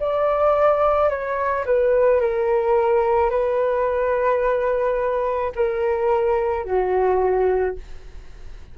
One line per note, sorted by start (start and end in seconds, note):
0.00 1.10 D5
1.10 1.65 C#5
1.66 2.21 B4
2.21 3.30 A#4
3.30 5.53 B4
5.56 6.65 A#4
6.65 7.76 F#4